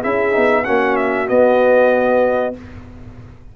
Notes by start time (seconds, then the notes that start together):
0.00 C#4 E4 G#4 E5
0.32 B3 D#4
0.64 A#3 C#4 F#4 F#5
0.96 E5
1.27 B3 D#5